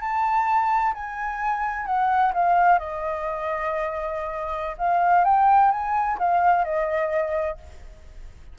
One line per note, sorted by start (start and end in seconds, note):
0.00 0.93 A5
0.94 1.86 G#5
1.86 2.32 F#5
2.33 2.78 F5
2.78 4.76 D#5
4.78 5.24 F5
5.24 5.71 G5
5.71 6.17 G#5
6.18 6.64 F5
6.64 7.57 D#5